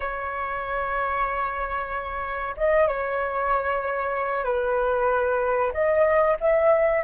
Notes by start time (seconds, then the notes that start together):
0.00 C#5
2.56 D#5
2.87 C#5
4.44 B4
5.73 D#5
6.40 E5